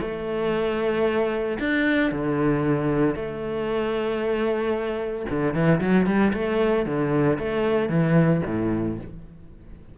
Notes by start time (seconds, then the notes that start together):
0.00 A3
1.59 D4
2.11 D3
3.15 A3
5.29 D3
5.53 E3
5.80 F#3
6.06 G3
6.33 A3
6.85 D3
7.38 A3
7.89 E3
8.45 A2